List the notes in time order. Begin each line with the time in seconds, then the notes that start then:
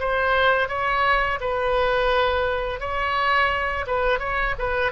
0.00 C5
0.69 C#5
1.41 B4
2.80 C#5
3.87 B4
4.20 C#5
4.59 B4